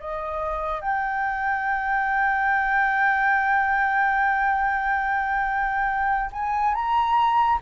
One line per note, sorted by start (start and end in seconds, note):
0.00 0.81 D#5
0.81 6.31 G5
6.33 6.75 G#5
6.75 7.59 A#5